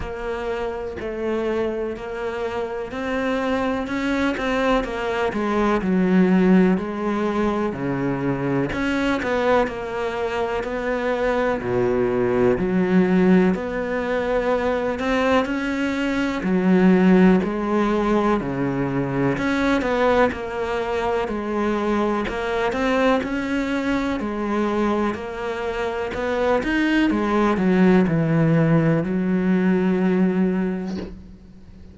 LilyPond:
\new Staff \with { instrumentName = "cello" } { \time 4/4 \tempo 4 = 62 ais4 a4 ais4 c'4 | cis'8 c'8 ais8 gis8 fis4 gis4 | cis4 cis'8 b8 ais4 b4 | b,4 fis4 b4. c'8 |
cis'4 fis4 gis4 cis4 | cis'8 b8 ais4 gis4 ais8 c'8 | cis'4 gis4 ais4 b8 dis'8 | gis8 fis8 e4 fis2 | }